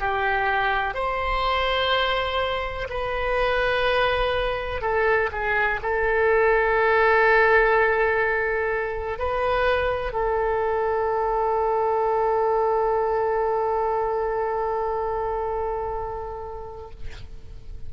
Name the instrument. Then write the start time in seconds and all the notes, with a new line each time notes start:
oboe
0.00 G4
0.95 C5
2.90 B4
4.82 A4
5.32 G#4
5.83 A4
9.19 B4
10.13 A4